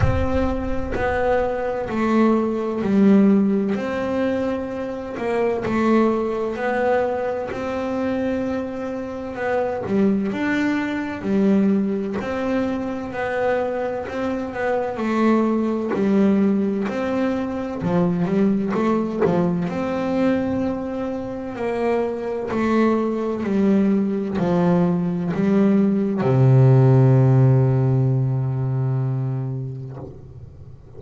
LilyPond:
\new Staff \with { instrumentName = "double bass" } { \time 4/4 \tempo 4 = 64 c'4 b4 a4 g4 | c'4. ais8 a4 b4 | c'2 b8 g8 d'4 | g4 c'4 b4 c'8 b8 |
a4 g4 c'4 f8 g8 | a8 f8 c'2 ais4 | a4 g4 f4 g4 | c1 | }